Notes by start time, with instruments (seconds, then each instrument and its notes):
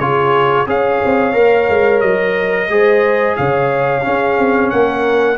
0.00 tuba C#3, trombone F4, horn G#4, trumpet C#5
0.67 tuba C#4, trombone G#4, horn C#5, trumpet F5
1.05 tuba C4
1.34 tuba A#3, trombone A#4
1.69 tuba G#3
2.01 tuba F#3, trumpet D#5
2.69 tuba G#3, trombone G#4, horn C5
3.37 tuba C#3, horn C#5, trumpet F5
4.02 trombone C#4, tuba C#4, horn G#4
4.39 tuba C4
4.71 tuba A#3, horn A#4, trumpet F#5